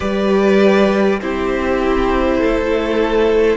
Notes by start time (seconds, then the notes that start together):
0.00 G3 G4 B4 D5
1.21 C4 E4 G4 C5
2.38 A3 A4